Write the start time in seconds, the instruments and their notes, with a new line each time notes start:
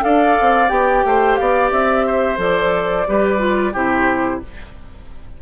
0.00 bassoon D4, clarinet A4, oboe D5, flute F5
0.41 bassoon C4
0.69 bassoon B3, clarinet G4, flute G5
1.05 bassoon A3, oboe C5
1.36 bassoon B3, oboe D5, flute F5
1.71 bassoon C4, flute E5
2.06 oboe C5
2.37 bassoon F3, clarinet A4, flute D5
3.07 bassoon G3, clarinet G4, oboe B4
3.38 clarinet F4
3.73 bassoon C3, clarinet E4, oboe G4, flute C5